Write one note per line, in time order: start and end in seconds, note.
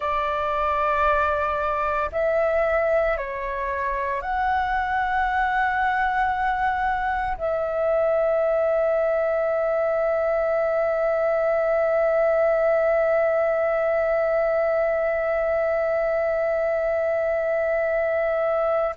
0.00 2.10 D5
2.11 3.17 E5
3.17 4.21 C#5
4.21 7.37 F#5
7.37 18.95 E5